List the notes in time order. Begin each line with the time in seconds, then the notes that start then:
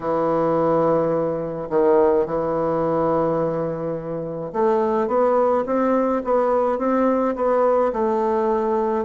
0.00 E3
1.69 D#3
2.25 E3
4.53 A3
5.07 B3
5.66 C4
6.24 B3
6.78 C4
7.35 B3
7.92 A3